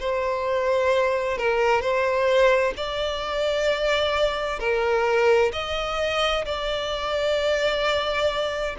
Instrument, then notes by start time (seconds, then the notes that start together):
violin
0.00 C5
1.38 A#4
1.81 C5
2.77 D5
4.59 A#4
5.53 D#5
6.46 D5